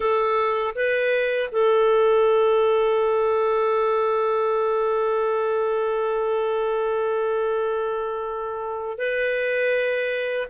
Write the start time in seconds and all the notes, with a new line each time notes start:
0.00 A4
0.75 B4
1.51 A4
8.98 B4